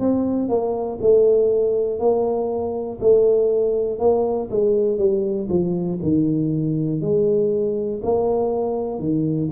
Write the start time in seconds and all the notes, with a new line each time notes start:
0.00 C4
0.49 A#3
1.01 A3
2.00 A#3
3.00 A3
4.00 A#3
4.50 G#3
4.98 G3
5.49 F3
6.02 D#3
7.01 G#3
8.03 A#3
9.00 D#3